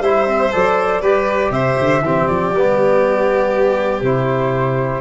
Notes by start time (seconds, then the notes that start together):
0.00 G3 E4 C5 E5
0.26 C4
0.52 F#3 A4 D5
1.01 G3 G4 B4
1.51 C3 C5 E5
1.79 D3
2.01 E3 C4 G4
2.26 F3 D5
2.52 G3 B3
4.02 C3 E4 C5